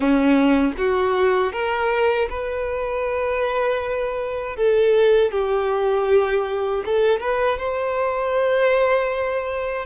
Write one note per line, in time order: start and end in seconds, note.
0.00 0.73 C#4
0.77 1.52 F#4
1.52 2.28 A#4
2.29 4.56 B4
4.56 5.31 A4
5.31 6.83 G4
6.85 7.20 A4
7.20 7.58 B4
7.58 9.85 C5